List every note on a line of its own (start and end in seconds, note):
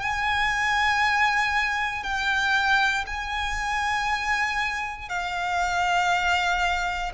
0.00 2.03 G#5
2.03 3.05 G5
3.07 5.09 G#5
5.09 7.12 F5